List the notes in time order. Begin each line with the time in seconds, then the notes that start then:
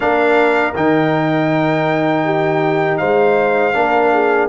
0.00 A#3 D4 A#4 F5
0.75 D#3 D#4 G5
2.25 G4
2.97 G#3 C5 F5
3.73 A#3 D4 A#4
4.12 G#4